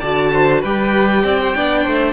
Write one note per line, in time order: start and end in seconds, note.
0.00 0.64 D3
0.00 0.65 F#4
0.00 0.31 D5
0.00 0.61 A5
0.33 0.61 C5
0.61 1.24 G3
0.61 1.55 G4
0.61 1.23 B4
0.61 2.13 G5
1.24 1.55 C4
1.24 1.39 D5
1.43 1.56 C5
1.55 1.86 B3
1.55 2.13 D4
1.55 1.84 D5
1.84 2.13 A3
1.84 2.13 C5